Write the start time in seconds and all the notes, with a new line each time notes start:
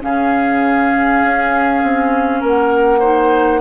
0.00 C#3 C#4 G#4 F5
1.23 C#4
1.82 C4
2.40 A#3 A#4 F#5
2.99 D#4 C5